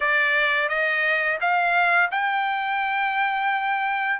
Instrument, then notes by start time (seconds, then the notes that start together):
trumpet
0.00 D5
0.68 D#5
1.40 F5
2.11 G5